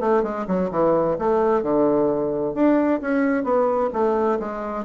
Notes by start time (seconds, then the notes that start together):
0.00 A3
0.23 G#3
0.47 F#3
0.71 E3
1.19 A3
1.62 D3
2.54 D4
3.01 C#4
3.44 B3
3.93 A3
4.39 G#3